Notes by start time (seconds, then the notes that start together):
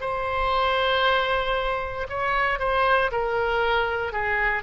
0.00 C5
2.09 C#5
2.59 C5
3.11 A#4
4.12 G#4